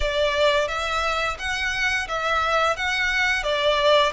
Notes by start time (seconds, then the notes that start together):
0.00 D5
0.68 E5
1.38 F#5
2.08 E5
2.76 F#5
3.43 D5